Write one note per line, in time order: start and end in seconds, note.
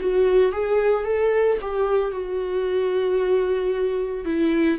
0.00 0.53 F#4
0.53 1.05 G#4
1.05 1.58 A4
1.62 2.12 G4
2.12 4.25 F#4
4.25 4.79 E4